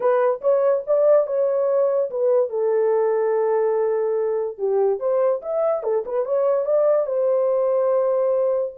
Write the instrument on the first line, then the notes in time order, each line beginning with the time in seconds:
horn
0.00 B4
0.41 C#5
0.86 D5
1.26 C#5
2.10 B4
2.49 A4
4.58 G4
4.99 C5
5.42 E5
5.83 A4
6.05 B4
6.25 C#5
6.65 D5
7.06 C5